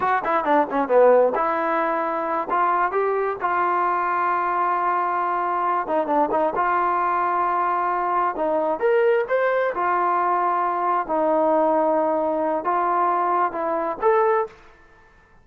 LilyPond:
\new Staff \with { instrumentName = "trombone" } { \time 4/4 \tempo 4 = 133 fis'8 e'8 d'8 cis'8 b4 e'4~ | e'4. f'4 g'4 f'8~ | f'1~ | f'4 dis'8 d'8 dis'8 f'4.~ |
f'2~ f'8 dis'4 ais'8~ | ais'8 c''4 f'2~ f'8~ | f'8 dis'2.~ dis'8 | f'2 e'4 a'4 | }